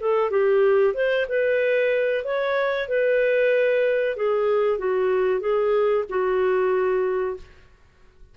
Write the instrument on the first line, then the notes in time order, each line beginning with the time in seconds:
clarinet
0.00 A4
0.30 G4
0.94 C5
1.29 B4
2.25 C#5
2.88 B4
4.16 G#4
4.78 F#4
5.41 G#4
6.09 F#4